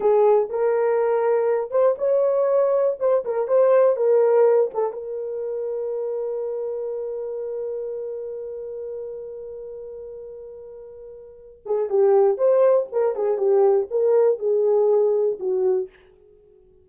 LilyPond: \new Staff \with { instrumentName = "horn" } { \time 4/4 \tempo 4 = 121 gis'4 ais'2~ ais'8 c''8 | cis''2 c''8 ais'8 c''4 | ais'4. a'8 ais'2~ | ais'1~ |
ais'1~ | ais'2.~ ais'8 gis'8 | g'4 c''4 ais'8 gis'8 g'4 | ais'4 gis'2 fis'4 | }